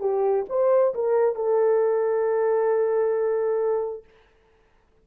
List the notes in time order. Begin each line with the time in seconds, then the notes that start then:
0.00 G4
0.50 C5
0.94 A#4
1.36 A4